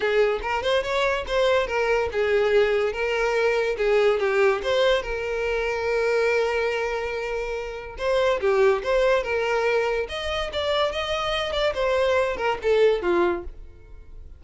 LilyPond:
\new Staff \with { instrumentName = "violin" } { \time 4/4 \tempo 4 = 143 gis'4 ais'8 c''8 cis''4 c''4 | ais'4 gis'2 ais'4~ | ais'4 gis'4 g'4 c''4 | ais'1~ |
ais'2. c''4 | g'4 c''4 ais'2 | dis''4 d''4 dis''4. d''8 | c''4. ais'8 a'4 f'4 | }